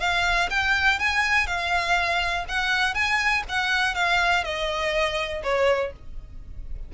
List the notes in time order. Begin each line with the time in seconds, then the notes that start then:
0.00 F5
0.50 G5
0.99 G#5
1.47 F5
2.49 F#5
2.94 G#5
3.49 F#5
3.95 F5
4.44 D#5
5.43 C#5